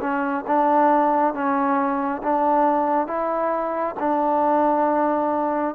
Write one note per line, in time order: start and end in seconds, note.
0.00 0.44 C#4
0.47 1.34 D4
1.34 2.22 C#4
2.23 3.07 D4
3.07 3.95 E4
3.99 5.75 D4